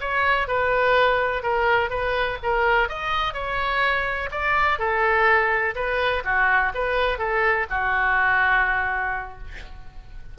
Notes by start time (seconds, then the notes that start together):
0.00 C#5
0.47 B4
1.42 A#4
1.90 B4
2.42 A#4
2.88 D#5
3.33 C#5
4.31 D5
4.78 A4
5.75 B4
6.24 F#4
6.74 B4
7.18 A4
7.70 F#4